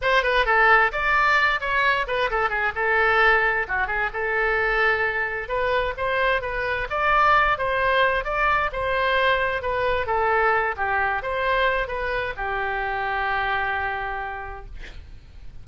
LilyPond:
\new Staff \with { instrumentName = "oboe" } { \time 4/4 \tempo 4 = 131 c''8 b'8 a'4 d''4. cis''8~ | cis''8 b'8 a'8 gis'8 a'2 | fis'8 gis'8 a'2. | b'4 c''4 b'4 d''4~ |
d''8 c''4. d''4 c''4~ | c''4 b'4 a'4. g'8~ | g'8 c''4. b'4 g'4~ | g'1 | }